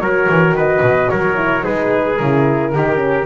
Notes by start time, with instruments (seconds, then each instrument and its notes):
0.00 double bass F#3, horn F#4, trumpet A#4, flute C#5
0.30 double bass E3
0.52 double bass D#3, trumpet B4, flute D#5
0.81 double bass B2
1.10 double bass F#3, trumpet A#4, flute C#5
1.35 horn E4
1.61 double bass G#3, horn D#4, trumpet G#4, flute B4
2.17 double bass C#3, horn E4, flute A#4
2.73 double bass D#3, horn D#4, trumpet G4
2.96 horn C#4